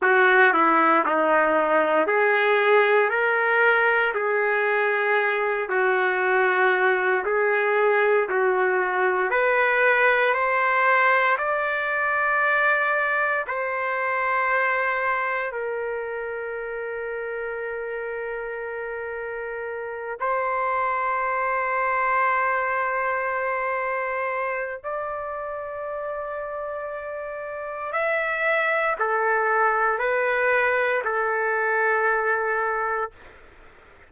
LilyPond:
\new Staff \with { instrumentName = "trumpet" } { \time 4/4 \tempo 4 = 58 fis'8 e'8 dis'4 gis'4 ais'4 | gis'4. fis'4. gis'4 | fis'4 b'4 c''4 d''4~ | d''4 c''2 ais'4~ |
ais'2.~ ais'8 c''8~ | c''1 | d''2. e''4 | a'4 b'4 a'2 | }